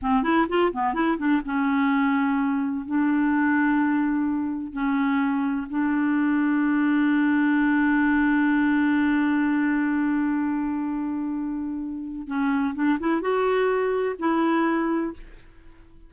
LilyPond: \new Staff \with { instrumentName = "clarinet" } { \time 4/4 \tempo 4 = 127 c'8 e'8 f'8 b8 e'8 d'8 cis'4~ | cis'2 d'2~ | d'2 cis'2 | d'1~ |
d'1~ | d'1~ | d'2 cis'4 d'8 e'8 | fis'2 e'2 | }